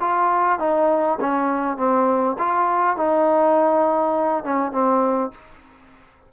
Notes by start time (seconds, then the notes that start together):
0.00 F4
0.59 D#4
1.20 C#4
1.77 C4
2.38 F4
2.97 D#4
4.44 C#4
4.72 C4